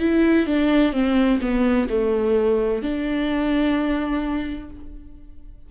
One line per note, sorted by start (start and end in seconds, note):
0.00 0.47 E4
0.47 0.93 D4
0.93 1.40 C4
1.41 1.88 B3
1.90 2.83 A3
2.83 4.70 D4